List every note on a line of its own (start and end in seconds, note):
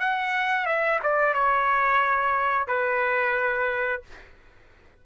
0.00 0.66 F#5
0.66 1.00 E5
1.03 1.34 D5
1.34 2.68 C#5
2.68 4.02 B4